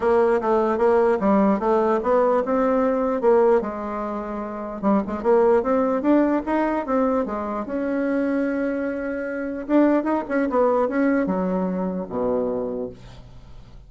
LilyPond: \new Staff \with { instrumentName = "bassoon" } { \time 4/4 \tempo 4 = 149 ais4 a4 ais4 g4 | a4 b4 c'2 | ais4 gis2. | g8 gis8 ais4 c'4 d'4 |
dis'4 c'4 gis4 cis'4~ | cis'1 | d'4 dis'8 cis'8 b4 cis'4 | fis2 b,2 | }